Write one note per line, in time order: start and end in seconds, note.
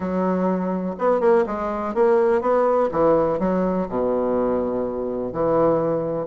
0.00 0.95 F#3
0.98 1.20 B3
1.20 1.44 A#3
1.46 1.94 G#3
1.94 2.41 A#3
2.41 2.89 B3
2.91 3.39 E3
3.39 3.87 F#3
3.88 5.32 B2
5.32 6.27 E3